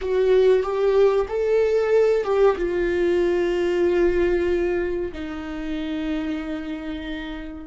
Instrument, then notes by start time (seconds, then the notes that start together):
viola
0.01 F#4
0.62 G4
1.28 A4
2.23 G4
2.56 F4
5.12 D#4